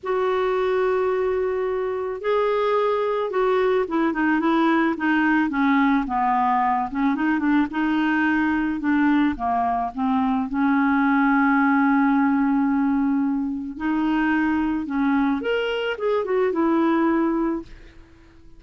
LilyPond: \new Staff \with { instrumentName = "clarinet" } { \time 4/4 \tempo 4 = 109 fis'1 | gis'2 fis'4 e'8 dis'8 | e'4 dis'4 cis'4 b4~ | b8 cis'8 dis'8 d'8 dis'2 |
d'4 ais4 c'4 cis'4~ | cis'1~ | cis'4 dis'2 cis'4 | ais'4 gis'8 fis'8 e'2 | }